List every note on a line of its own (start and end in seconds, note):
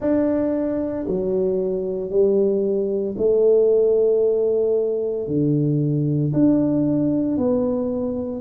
0.00 1.06 D4
1.07 2.10 F#3
2.10 3.15 G3
3.17 5.27 A3
5.27 6.32 D3
6.33 7.37 D4
7.37 8.41 B3